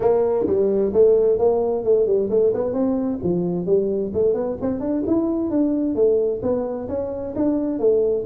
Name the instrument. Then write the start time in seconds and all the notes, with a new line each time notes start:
tuba
0.00 A#3
0.46 G3
0.93 A3
1.38 A#3
1.84 A3
2.06 G3
2.30 A3
2.54 B3
2.73 C4
3.23 F3
3.66 G3
4.13 A3
4.34 B3
4.61 C4
4.80 D4
5.06 E4
5.50 D4
5.95 A3
6.42 B3
6.88 C#4
7.35 D4
7.79 A3